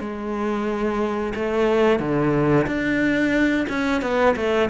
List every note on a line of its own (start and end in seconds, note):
0.00 1.33 G#3
1.35 2.00 A3
2.00 2.66 D3
2.67 3.67 D4
3.69 4.02 C#4
4.02 4.35 B3
4.36 4.70 A3